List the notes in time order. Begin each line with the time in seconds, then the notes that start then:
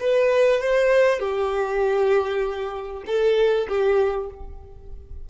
0.00 B4
0.61 C5
1.20 G4
3.07 A4
3.68 G4